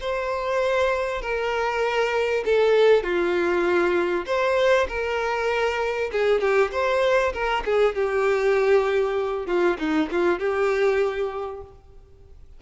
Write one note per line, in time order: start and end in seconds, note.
0.00 1.21 C5
1.21 2.44 A#4
2.45 3.03 A4
3.03 4.25 F4
4.26 4.87 C5
4.88 6.10 A#4
6.12 6.40 G#4
6.40 6.71 G4
6.72 7.33 C5
7.33 7.63 A#4
7.65 7.95 G#4
7.95 9.46 G4
9.46 9.77 F4
9.78 10.09 D#4
10.11 10.39 F4
10.39 11.61 G4